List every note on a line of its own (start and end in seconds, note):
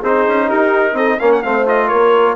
0.00 0.26 C4
0.00 1.20 D#4
0.00 0.47 G#4
0.00 0.50 C5
0.28 0.51 C#4
0.48 0.94 D#4
0.48 0.96 G4
0.48 0.97 A#4
0.94 1.17 C4
0.94 1.20 A4
0.94 1.20 D#5
1.20 1.45 A#3
1.20 1.44 C#4
1.20 1.44 A#4
1.20 1.32 F5
1.32 1.43 F#5
1.43 1.92 A3
1.43 1.67 C4
1.43 1.88 C5
1.43 1.66 F5
1.67 2.36 F4
1.67 1.89 D#5
1.88 2.36 A#3
1.88 2.35 A#4
1.88 2.36 C#5